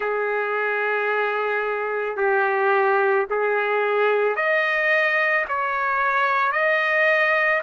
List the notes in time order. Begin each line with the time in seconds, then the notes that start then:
0.00 G#4
2.17 G4
3.30 G#4
4.36 D#5
5.48 C#5
6.52 D#5